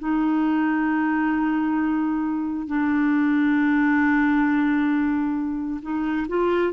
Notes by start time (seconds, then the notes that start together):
0.00 D#4
2.67 D4
5.82 D#4
6.29 F4